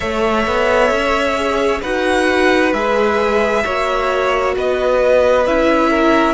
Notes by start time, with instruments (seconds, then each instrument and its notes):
0.00 cello A3, viola A4, violin C#5 E5
0.46 cello B3
0.90 cello C#4
1.35 viola G#4
1.81 cello D#4, viola F#4, violin B4 F#5
2.73 cello G#3, viola G#4, violin E5
3.64 cello A#3, viola F#4, violin C#5
4.55 cello B3, violin B4 D#5
5.46 cello C#4, viola E4, violin E5
5.89 violin A#4